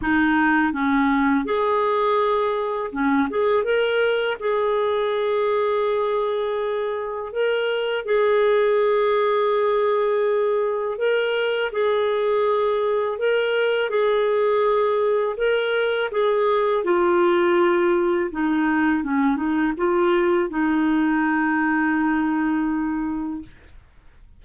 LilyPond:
\new Staff \with { instrumentName = "clarinet" } { \time 4/4 \tempo 4 = 82 dis'4 cis'4 gis'2 | cis'8 gis'8 ais'4 gis'2~ | gis'2 ais'4 gis'4~ | gis'2. ais'4 |
gis'2 ais'4 gis'4~ | gis'4 ais'4 gis'4 f'4~ | f'4 dis'4 cis'8 dis'8 f'4 | dis'1 | }